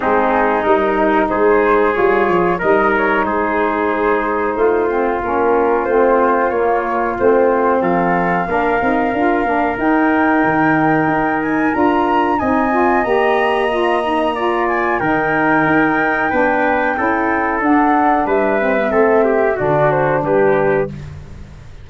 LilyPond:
<<
  \new Staff \with { instrumentName = "flute" } { \time 4/4 \tempo 4 = 92 gis'4 ais'4 c''4 cis''4 | dis''8 cis''8 c''2. | ais'4 c''4 cis''4 c''4 | f''2. g''4~ |
g''4. gis''8 ais''4 gis''4 | ais''2~ ais''8 gis''8 g''4~ | g''2. fis''4 | e''2 d''8 c''8 b'4 | }
  \new Staff \with { instrumentName = "trumpet" } { \time 4/4 dis'2 gis'2 | ais'4 gis'2 f'4~ | f'1 | a'4 ais'2.~ |
ais'2. dis''4~ | dis''2 d''4 ais'4~ | ais'4 b'4 a'2 | b'4 a'8 g'8 fis'4 g'4 | }
  \new Staff \with { instrumentName = "saxophone" } { \time 4/4 c'4 dis'2 f'4 | dis'2.~ dis'8 c'8 | cis'4 c'4 ais4 c'4~ | c'4 d'8 dis'8 f'8 d'8 dis'4~ |
dis'2 f'4 dis'8 f'8 | g'4 f'8 dis'8 f'4 dis'4~ | dis'4 d'4 e'4 d'4~ | d'8 c'16 b16 c'4 d'2 | }
  \new Staff \with { instrumentName = "tuba" } { \time 4/4 gis4 g4 gis4 g8 f8 | g4 gis2 a4 | ais4 a4 ais4 a4 | f4 ais8 c'8 d'8 ais8 dis'4 |
dis4 dis'4 d'4 c'4 | ais2. dis4 | dis'4 b4 cis'4 d'4 | g4 a4 d4 g4 | }
>>